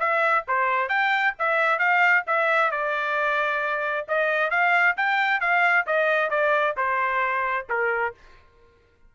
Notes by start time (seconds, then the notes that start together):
0.00 E5
0.48 C5
0.89 G5
1.39 E5
1.79 F5
2.27 E5
2.72 D5
4.08 D#5
4.51 F5
4.97 G5
5.41 F5
5.87 D#5
6.30 D5
6.77 C5
7.70 A#4